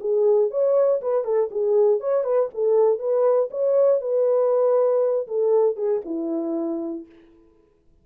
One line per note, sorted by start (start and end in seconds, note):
0.00 0.50 G#4
0.51 1.01 C#5
1.01 1.24 B4
1.24 1.49 A4
1.51 2.00 G#4
2.00 2.23 C#5
2.23 2.49 B4
2.54 2.99 A4
2.99 3.49 B4
3.50 4.01 C#5
4.01 5.27 B4
5.27 5.76 A4
5.76 6.01 G#4
6.05 7.06 E4